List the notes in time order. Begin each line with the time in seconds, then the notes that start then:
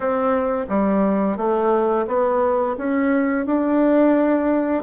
0.00 C4
0.69 G3
1.37 A3
2.07 B3
2.77 C#4
3.45 D4